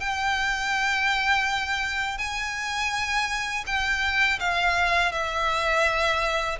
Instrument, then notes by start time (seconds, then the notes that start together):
violin
0.00 G5
2.18 G#5
3.66 G5
4.39 F5
5.12 E5